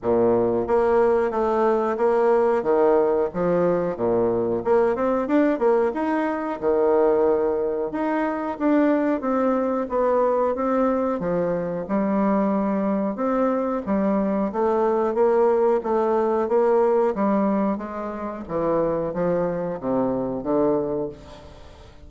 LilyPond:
\new Staff \with { instrumentName = "bassoon" } { \time 4/4 \tempo 4 = 91 ais,4 ais4 a4 ais4 | dis4 f4 ais,4 ais8 c'8 | d'8 ais8 dis'4 dis2 | dis'4 d'4 c'4 b4 |
c'4 f4 g2 | c'4 g4 a4 ais4 | a4 ais4 g4 gis4 | e4 f4 c4 d4 | }